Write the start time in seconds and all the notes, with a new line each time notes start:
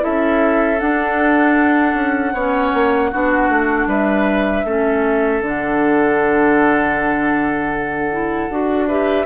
0.00 E4 A4 E5
0.07 C#4
0.80 D4 F#5
1.95 C#4
2.33 B3 C#4 C#5
2.74 A#3
3.12 B3 D4 F#4
3.50 A3
3.87 G3 B4 E5
4.65 A3 C#4 A4
5.42 D3 D4 F#5
8.12 E4
8.50 D4 F#4
8.88 G4 B4 E5